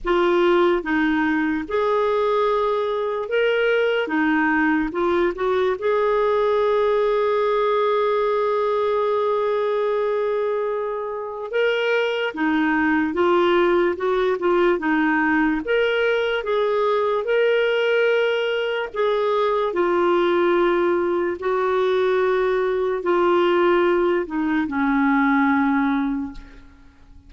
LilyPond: \new Staff \with { instrumentName = "clarinet" } { \time 4/4 \tempo 4 = 73 f'4 dis'4 gis'2 | ais'4 dis'4 f'8 fis'8 gis'4~ | gis'1~ | gis'2 ais'4 dis'4 |
f'4 fis'8 f'8 dis'4 ais'4 | gis'4 ais'2 gis'4 | f'2 fis'2 | f'4. dis'8 cis'2 | }